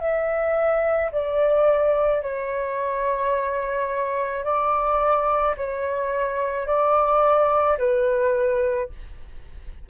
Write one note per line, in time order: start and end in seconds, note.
0.00 1.11 E5
1.12 2.23 D5
2.23 4.45 C#5
4.45 5.56 D5
5.58 6.67 C#5
6.67 7.78 D5
7.79 8.90 B4